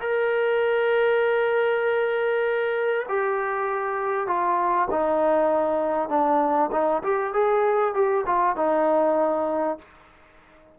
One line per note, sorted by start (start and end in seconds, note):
0.00 3.06 A#4
3.08 4.27 G4
4.27 4.88 F4
4.90 6.09 D#4
6.09 6.70 D4
6.72 7.02 D#4
7.03 7.33 G4
7.34 7.94 G#4
7.94 8.25 G4
8.26 8.56 F4
8.56 9.78 D#4